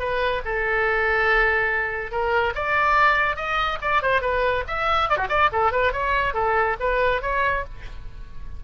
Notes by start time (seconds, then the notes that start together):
0.00 B4
0.45 A4
2.12 A#4
2.56 D5
3.36 D#5
3.82 D5
4.03 C5
4.22 B4
4.68 E5
5.10 D5
5.17 F#4
5.29 D5
5.53 A4
5.72 B4
5.93 C#5
6.34 A4
6.80 B4
7.22 C#5